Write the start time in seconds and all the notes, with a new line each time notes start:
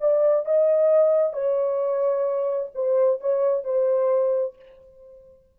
0.00 D5
0.45 D#5
1.33 C#5
2.75 C5
3.21 C#5
3.64 C5